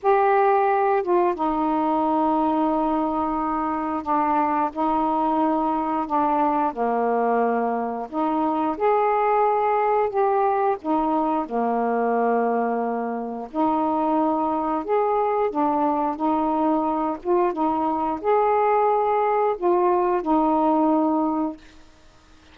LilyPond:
\new Staff \with { instrumentName = "saxophone" } { \time 4/4 \tempo 4 = 89 g'4. f'8 dis'2~ | dis'2 d'4 dis'4~ | dis'4 d'4 ais2 | dis'4 gis'2 g'4 |
dis'4 ais2. | dis'2 gis'4 d'4 | dis'4. f'8 dis'4 gis'4~ | gis'4 f'4 dis'2 | }